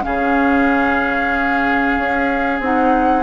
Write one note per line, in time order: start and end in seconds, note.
0.00 1.98 C#3
0.00 2.58 C#4
0.00 3.23 G#4
0.00 2.62 F5
1.98 2.60 C#4
2.60 3.23 C4
2.60 3.23 D#4
2.60 3.23 F#5